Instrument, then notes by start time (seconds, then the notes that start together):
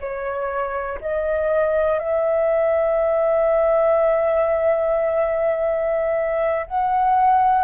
flute
0.00 C#5
1.01 D#5
1.99 E5
6.67 F#5